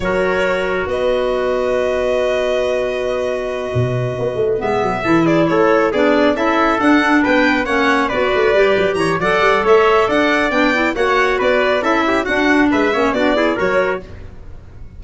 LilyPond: <<
  \new Staff \with { instrumentName = "violin" } { \time 4/4 \tempo 4 = 137 cis''2 dis''2~ | dis''1~ | dis''2~ dis''8 e''4. | d''8 cis''4 d''4 e''4 fis''8~ |
fis''8 g''4 fis''4 d''4.~ | d''8 ais''8 fis''4 e''4 fis''4 | g''4 fis''4 d''4 e''4 | fis''4 e''4 d''4 cis''4 | }
  \new Staff \with { instrumentName = "trumpet" } { \time 4/4 ais'2 b'2~ | b'1~ | b'2.~ b'8 a'8 | gis'8 a'4 gis'4 a'4.~ |
a'8 b'4 cis''4 b'4.~ | b'8 cis''8 d''4 cis''4 d''4~ | d''4 cis''4 b'4 a'8 g'8 | fis'4 b'8 cis''8 fis'8 gis'8 ais'4 | }
  \new Staff \with { instrumentName = "clarinet" } { \time 4/4 fis'1~ | fis'1~ | fis'2~ fis'8 b4 e'8~ | e'4. d'4 e'4 d'8~ |
d'4. cis'4 fis'4 g'8~ | g'4 a'2. | d'8 e'8 fis'2 e'4 | d'4. cis'8 d'8 e'8 fis'4 | }
  \new Staff \with { instrumentName = "tuba" } { \time 4/4 fis2 b2~ | b1~ | b8 b,4 b8 a8 gis8 fis8 e8~ | e8 a4 b4 cis'4 d'8~ |
d'8 b4 ais4 b8 a8 g8 | fis8 e8 fis8 g8 a4 d'4 | b4 ais4 b4 cis'4 | d'4 gis8 ais8 b4 fis4 | }
>>